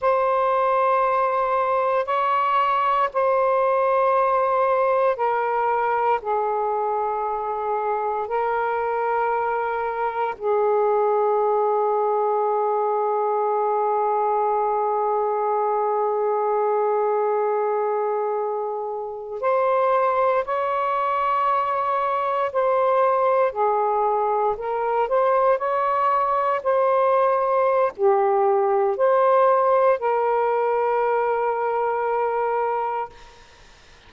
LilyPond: \new Staff \with { instrumentName = "saxophone" } { \time 4/4 \tempo 4 = 58 c''2 cis''4 c''4~ | c''4 ais'4 gis'2 | ais'2 gis'2~ | gis'1~ |
gis'2~ gis'8. c''4 cis''16~ | cis''4.~ cis''16 c''4 gis'4 ais'16~ | ais'16 c''8 cis''4 c''4~ c''16 g'4 | c''4 ais'2. | }